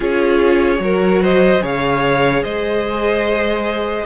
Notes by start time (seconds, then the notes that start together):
0.00 C#4 F4 G#4 C#5
0.77 F#3 F#4 A#4
1.22 C5 D#5
1.60 C#3 G#4 C#5 F5
2.43 G#3 C5 D#5